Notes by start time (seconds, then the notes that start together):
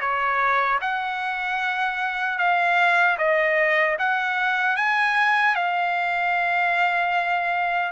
0.00 C#5
0.81 F#5
2.38 F5
3.18 D#5
3.98 F#5
4.76 G#5
5.55 F5